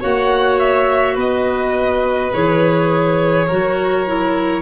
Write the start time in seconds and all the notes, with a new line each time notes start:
0.00 A#3 F#4 C#5 F#5
0.59 E5
1.15 B3 B4 D#5
2.33 E3 G#4 C#5
3.47 F#3 F#4 A#4
4.07 E4